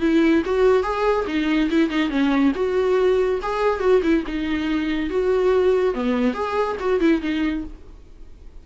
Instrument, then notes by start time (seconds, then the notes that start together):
viola
0.00 E4
0.45 F#4
0.83 G#4
1.26 D#4
1.70 E4
1.89 D#4
2.09 C#4
2.55 F#4
3.42 G#4
3.80 F#4
4.02 E4
4.26 D#4
5.09 F#4
5.94 B3
6.34 G#4
6.80 F#4
7.00 E4
7.21 D#4